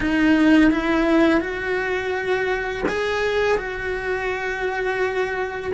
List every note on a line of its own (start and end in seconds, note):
0.00 0.71 D#4
0.71 1.40 E4
1.40 2.83 F#4
2.87 3.57 G#4
3.57 5.71 F#4